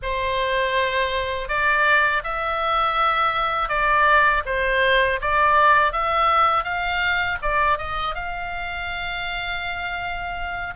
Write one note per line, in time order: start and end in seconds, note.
0.02 1.48 C5
1.48 2.22 D5
2.23 3.68 E5
3.68 4.42 D5
4.45 5.20 C5
5.21 5.92 D5
5.92 6.63 E5
6.63 7.37 F5
7.42 7.78 D5
7.78 8.14 D#5
8.14 10.74 F5